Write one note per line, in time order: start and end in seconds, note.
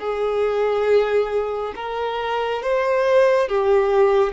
0.00 1.74 G#4
1.76 2.62 A#4
2.62 3.49 C5
3.49 4.33 G4